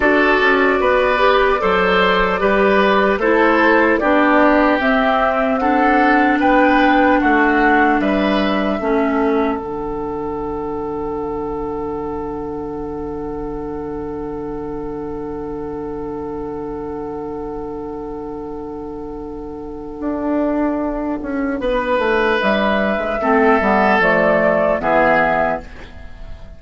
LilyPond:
<<
  \new Staff \with { instrumentName = "flute" } { \time 4/4 \tempo 4 = 75 d''1 | c''4 d''4 e''4 fis''4 | g''4 fis''4 e''2 | fis''1~ |
fis''1~ | fis''1~ | fis''1 | e''2 d''4 e''4 | }
  \new Staff \with { instrumentName = "oboe" } { \time 4/4 a'4 b'4 c''4 b'4 | a'4 g'2 a'4 | b'4 fis'4 b'4 a'4~ | a'1~ |
a'1~ | a'1~ | a'2. b'4~ | b'4 a'2 gis'4 | }
  \new Staff \with { instrumentName = "clarinet" } { \time 4/4 fis'4. g'8 a'4 g'4 | e'4 d'4 c'4 d'4~ | d'2. cis'4 | d'1~ |
d'1~ | d'1~ | d'1~ | d'4 c'8 b8 a4 b4 | }
  \new Staff \with { instrumentName = "bassoon" } { \time 4/4 d'8 cis'8 b4 fis4 g4 | a4 b4 c'2 | b4 a4 g4 a4 | d1~ |
d1~ | d1~ | d4 d'4. cis'8 b8 a8 | g8. gis16 a8 g8 f4 e4 | }
>>